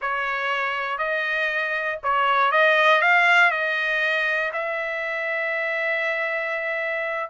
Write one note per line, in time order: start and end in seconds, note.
0.01 0.97 C#5
0.97 1.98 D#5
2.03 2.51 C#5
2.51 3.01 D#5
3.01 3.50 F5
3.50 4.51 D#5
4.52 7.29 E5